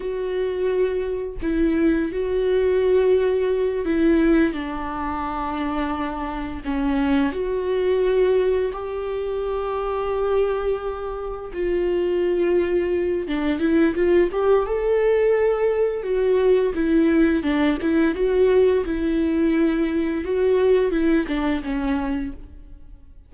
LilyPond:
\new Staff \with { instrumentName = "viola" } { \time 4/4 \tempo 4 = 86 fis'2 e'4 fis'4~ | fis'4. e'4 d'4.~ | d'4. cis'4 fis'4.~ | fis'8 g'2.~ g'8~ |
g'8 f'2~ f'8 d'8 e'8 | f'8 g'8 a'2 fis'4 | e'4 d'8 e'8 fis'4 e'4~ | e'4 fis'4 e'8 d'8 cis'4 | }